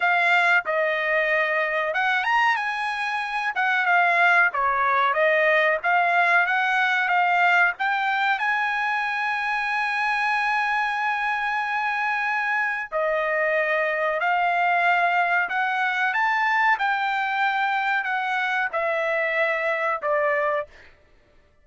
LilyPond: \new Staff \with { instrumentName = "trumpet" } { \time 4/4 \tempo 4 = 93 f''4 dis''2 fis''8 ais''8 | gis''4. fis''8 f''4 cis''4 | dis''4 f''4 fis''4 f''4 | g''4 gis''2.~ |
gis''1 | dis''2 f''2 | fis''4 a''4 g''2 | fis''4 e''2 d''4 | }